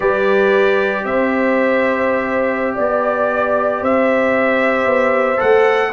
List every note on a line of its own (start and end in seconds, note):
0.00 1.04 G3
0.00 5.37 G4
0.00 1.04 B4
0.00 1.05 D5
1.04 2.75 C4
1.04 2.75 C5
1.04 2.76 E5
2.75 3.82 B3
2.75 3.80 D5
2.75 3.84 D5
3.81 4.85 C4
3.81 5.91 C5
3.81 5.40 E5
4.85 5.37 B3
5.37 5.93 A3
5.37 5.89 A4
5.37 5.93 F#5